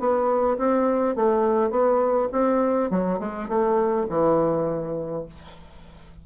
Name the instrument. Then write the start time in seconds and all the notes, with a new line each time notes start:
bassoon
0.00 B3
0.59 C4
1.16 A3
1.71 B3
2.33 C4
2.91 F#3
3.20 G#3
3.49 A3
4.10 E3